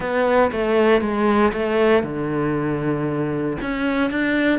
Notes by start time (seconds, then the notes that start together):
0.00 B3
0.51 A3
1.01 G#3
1.52 A3
2.03 D3
3.61 C#4
4.10 D4